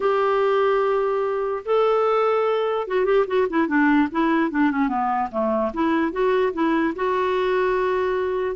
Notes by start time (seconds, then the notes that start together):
0.00 G4
1.65 A4
2.87 F#4
3.05 G4
3.27 F#4
3.49 E4
3.67 D4
4.11 E4
4.50 D4
4.71 C#4
4.88 B3
5.31 A3
5.73 E4
6.12 F#4
6.53 E4
6.95 F#4